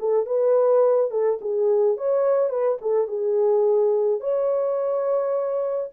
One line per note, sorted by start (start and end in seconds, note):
0.00 0.27 A4
0.27 1.11 B4
1.11 1.39 A4
1.42 1.98 G#4
1.98 2.50 C#5
2.50 2.78 B4
2.81 3.08 A4
3.08 4.21 G#4
4.21 5.90 C#5